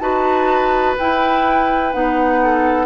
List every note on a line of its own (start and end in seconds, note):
0.00 0.95 D#4
0.00 0.96 F#4
0.00 2.40 B4
0.00 0.95 A5
0.99 1.94 E4
0.99 1.93 E4
0.99 1.93 G5
1.93 2.87 B3
1.93 2.87 D#4
1.93 2.87 F#5
2.44 2.87 A4